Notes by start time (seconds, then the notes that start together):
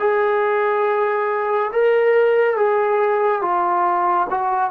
0.00 G#4
1.73 A#4
2.57 G#4
3.42 F4
4.30 F#4